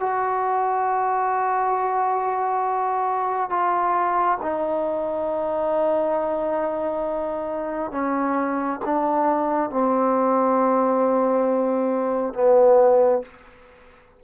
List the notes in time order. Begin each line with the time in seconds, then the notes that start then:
0.00 F#4
3.50 F4
4.42 D#4
7.92 C#4
8.85 D4
9.70 C4
12.34 B3